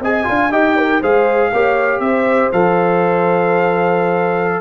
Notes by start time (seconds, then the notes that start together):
0.00 C4 G#4 D#5 G#5
0.24 D4 F4 F5
0.51 D#4 G4 D#5 G5
0.76 A#4
1.00 G#3 G#4 C5 F5
1.52 A#3 G4 C#5
1.99 C4 C5 E5
2.52 F3 A4 F5